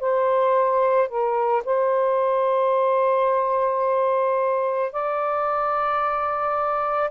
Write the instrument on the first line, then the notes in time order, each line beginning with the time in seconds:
saxophone
0.00 C5
1.08 A#4
1.65 C5
4.92 D5